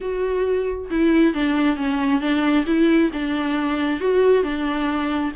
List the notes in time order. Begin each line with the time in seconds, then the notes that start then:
0.00 F#4
0.90 E4
1.34 D4
1.76 C#4
2.20 D4
2.66 E4
3.12 D4
4.00 F#4
4.43 D4